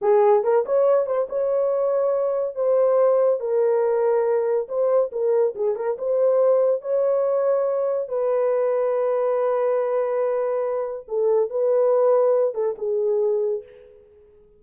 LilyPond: \new Staff \with { instrumentName = "horn" } { \time 4/4 \tempo 4 = 141 gis'4 ais'8 cis''4 c''8 cis''4~ | cis''2 c''2 | ais'2. c''4 | ais'4 gis'8 ais'8 c''2 |
cis''2. b'4~ | b'1~ | b'2 a'4 b'4~ | b'4. a'8 gis'2 | }